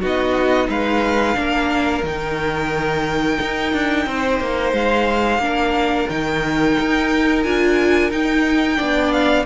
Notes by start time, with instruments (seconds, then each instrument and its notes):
0.00 cello B3, viola D#4, violin F#4
0.06 violin D#5
0.69 cello G#3, violin B4 F5
1.34 cello A#3, viola D4, violin A#4
2.03 cello D#3, viola D#4, violin G5
3.41 cello D#4
3.73 cello D4
4.06 cello C4, violin C5
4.40 cello A#3
4.73 cello G#3, violin F5
5.38 cello A#3, viola D4
5.45 violin A#4
6.09 cello D#3, viola D#4, violin G5
6.79 cello D#4
7.43 cello D4, viola F4, violin G#5
8.11 viola D#4, cello D#4, violin G5
8.77 cello B3, viola D4, violin D5
9.12 violin F5